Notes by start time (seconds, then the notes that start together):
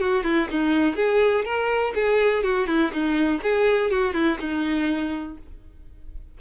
0.00 F#4
0.24 E4
0.51 D#4
0.96 G#4
1.45 A#4
1.94 G#4
2.43 F#4
2.67 E4
2.92 D#4
3.42 G#4
3.90 F#4
4.14 E4
4.39 D#4